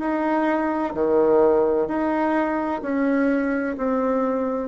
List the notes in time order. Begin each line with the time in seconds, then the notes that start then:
0.00 D#4
0.94 D#3
1.88 D#4
2.83 C#4
3.78 C4